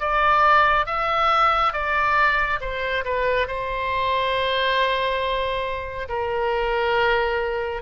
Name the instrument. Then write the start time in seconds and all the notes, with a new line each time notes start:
oboe
0.00 D5
0.86 E5
1.73 D5
2.60 C5
3.04 B4
3.47 C5
6.09 A#4